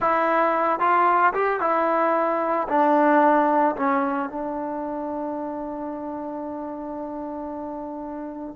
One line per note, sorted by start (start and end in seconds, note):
0.00 0.79 E4
0.79 1.33 F4
1.33 1.60 G4
1.60 2.67 E4
2.68 3.75 D4
3.75 4.29 C#4
4.29 8.56 D4